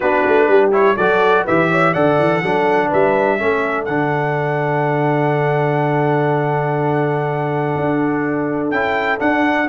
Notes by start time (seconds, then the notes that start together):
0.00 B3 D4 F#4 B4
0.27 A3
0.48 G3 G4
0.71 E4 C#5
0.96 F#3 F#4 A4 D5
1.44 E3 G4 B4 E5
1.70 C#5
1.92 D3 A4 D5 F#5
2.18 E3
2.41 F#3 D4 A4
2.87 G3 B4 E5
3.37 A3 C#4 A4
3.84 D3 D4 F#5
7.75 D4
8.71 C#4 E4 G5
9.18 D4 F#5